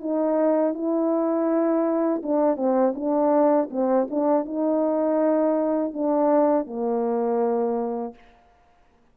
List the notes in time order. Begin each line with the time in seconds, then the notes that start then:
0.00 D#4
0.74 E4
2.23 D4
2.57 C4
2.95 D4
3.70 C4
4.10 D4
4.45 D#4
5.93 D4
6.66 A#3